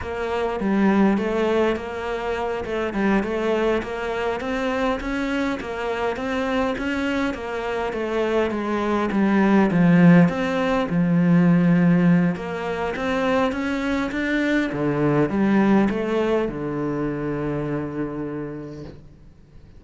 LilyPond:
\new Staff \with { instrumentName = "cello" } { \time 4/4 \tempo 4 = 102 ais4 g4 a4 ais4~ | ais8 a8 g8 a4 ais4 c'8~ | c'8 cis'4 ais4 c'4 cis'8~ | cis'8 ais4 a4 gis4 g8~ |
g8 f4 c'4 f4.~ | f4 ais4 c'4 cis'4 | d'4 d4 g4 a4 | d1 | }